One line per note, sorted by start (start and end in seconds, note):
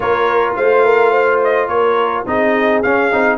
0.00 0.55 A#3
0.00 2.26 F4
0.00 0.57 A#4
0.00 0.54 C#5
0.56 1.68 A3
0.56 0.84 C5
0.56 1.41 F5
0.84 1.10 A#4
1.10 1.67 C5
1.43 1.67 D#5
1.67 2.24 A#3
1.67 2.25 A#4
1.67 2.24 C#5
2.26 2.83 C4
2.26 2.83 D#4
2.26 3.38 G#4
2.26 2.82 D#5
2.82 3.11 C#4
2.82 3.12 C#4
2.82 3.38 F5
3.11 3.38 C4
3.11 3.38 D#4